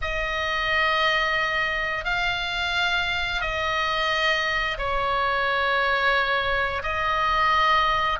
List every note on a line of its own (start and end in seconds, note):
0.01 2.05 D#5
2.05 3.41 F5
3.41 4.77 D#5
4.78 6.82 C#5
6.82 8.18 D#5